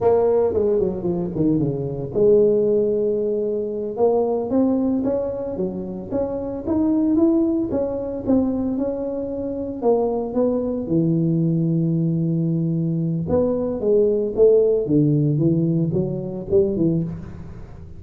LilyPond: \new Staff \with { instrumentName = "tuba" } { \time 4/4 \tempo 4 = 113 ais4 gis8 fis8 f8 dis8 cis4 | gis2.~ gis8 ais8~ | ais8 c'4 cis'4 fis4 cis'8~ | cis'8 dis'4 e'4 cis'4 c'8~ |
c'8 cis'2 ais4 b8~ | b8 e2.~ e8~ | e4 b4 gis4 a4 | d4 e4 fis4 g8 e8 | }